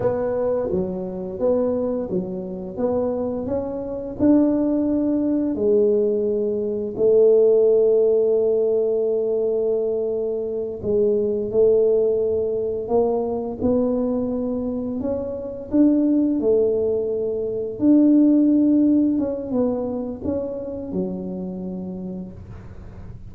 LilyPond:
\new Staff \with { instrumentName = "tuba" } { \time 4/4 \tempo 4 = 86 b4 fis4 b4 fis4 | b4 cis'4 d'2 | gis2 a2~ | a2.~ a8 gis8~ |
gis8 a2 ais4 b8~ | b4. cis'4 d'4 a8~ | a4. d'2 cis'8 | b4 cis'4 fis2 | }